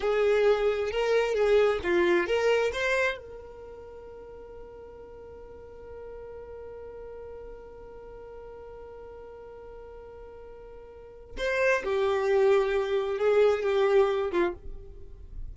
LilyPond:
\new Staff \with { instrumentName = "violin" } { \time 4/4 \tempo 4 = 132 gis'2 ais'4 gis'4 | f'4 ais'4 c''4 ais'4~ | ais'1~ | ais'1~ |
ais'1~ | ais'1~ | ais'4 c''4 g'2~ | g'4 gis'4 g'4. f'8 | }